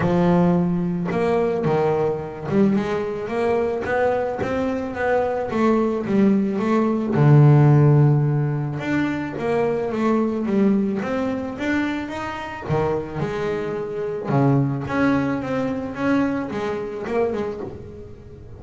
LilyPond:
\new Staff \with { instrumentName = "double bass" } { \time 4/4 \tempo 4 = 109 f2 ais4 dis4~ | dis8 g8 gis4 ais4 b4 | c'4 b4 a4 g4 | a4 d2. |
d'4 ais4 a4 g4 | c'4 d'4 dis'4 dis4 | gis2 cis4 cis'4 | c'4 cis'4 gis4 ais8 gis8 | }